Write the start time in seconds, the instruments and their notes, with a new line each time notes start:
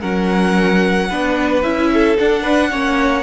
0.00 cello F#3, viola C#4, violin A#4 F#5
1.09 cello B3, viola D4, violin B4
1.62 cello C#4, viola E4, violin E5
1.93 violin A4
2.18 viola D4, cello D4, violin F#5
2.42 violin B4
2.70 cello A#3, viola C#4, violin C#5